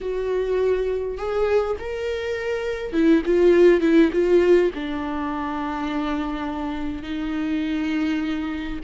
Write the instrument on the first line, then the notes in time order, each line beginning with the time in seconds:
viola
0.01 F#4
1.17 G#4
1.79 A#4
2.92 E4
3.25 F4
3.80 E4
4.12 F4
4.74 D4
7.02 D#4